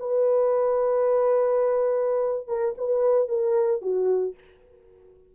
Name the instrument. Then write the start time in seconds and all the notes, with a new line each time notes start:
horn
0.00 B4
2.48 A#4
2.78 B4
3.29 A#4
3.82 F#4